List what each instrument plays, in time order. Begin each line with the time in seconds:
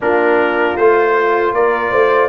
0.00 tuba A#3, trombone D4, horn F4, trumpet A#4
0.76 tuba A3, trombone F4, trumpet C5
1.53 tuba A#3, horn A#4, trumpet D5
1.91 tuba A3, horn C5